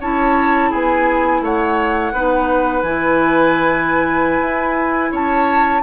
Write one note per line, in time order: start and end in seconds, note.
0.00 0.71 C#4
0.00 2.13 E4
0.00 0.70 C#5
0.00 0.72 A5
0.70 1.41 B3
0.70 1.40 G#4
0.70 1.43 G#5
1.41 2.11 A3
1.41 2.13 C#5
1.41 2.82 F#5
2.13 2.82 B3
2.13 2.83 D#4
2.13 5.11 B4
2.82 4.41 E3
2.82 5.82 E4
2.82 5.12 G#5
4.41 5.11 E4
5.11 5.82 C#4
5.11 5.82 C#5
5.11 5.82 A5